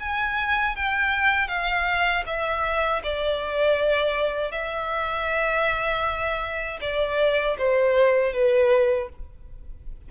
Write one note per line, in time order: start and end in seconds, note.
0.00 0.76 G#5
0.76 1.48 G5
1.48 2.24 F5
2.26 3.02 E5
3.04 4.52 D5
4.52 6.79 E5
6.81 7.57 D5
7.58 8.33 C5
8.33 9.09 B4